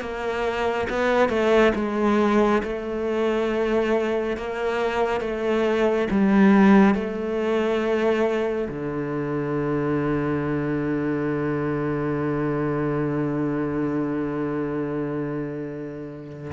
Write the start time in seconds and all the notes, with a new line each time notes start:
0.00 A#3
0.89 B3
1.28 A3
1.75 G#3
2.62 A3
4.36 A#3
5.21 A3
6.10 G3
6.94 A3
8.69 D3